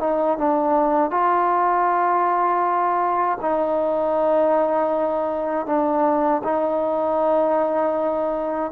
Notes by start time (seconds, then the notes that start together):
0.00 D#4
0.38 D4
1.11 F4
3.41 D#4
5.66 D4
6.44 D#4